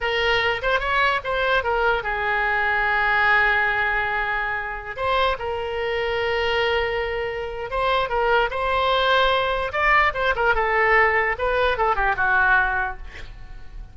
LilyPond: \new Staff \with { instrumentName = "oboe" } { \time 4/4 \tempo 4 = 148 ais'4. c''8 cis''4 c''4 | ais'4 gis'2.~ | gis'1~ | gis'16 c''4 ais'2~ ais'8.~ |
ais'2. c''4 | ais'4 c''2. | d''4 c''8 ais'8 a'2 | b'4 a'8 g'8 fis'2 | }